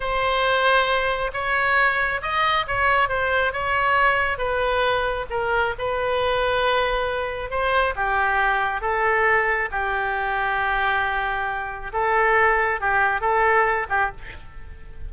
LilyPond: \new Staff \with { instrumentName = "oboe" } { \time 4/4 \tempo 4 = 136 c''2. cis''4~ | cis''4 dis''4 cis''4 c''4 | cis''2 b'2 | ais'4 b'2.~ |
b'4 c''4 g'2 | a'2 g'2~ | g'2. a'4~ | a'4 g'4 a'4. g'8 | }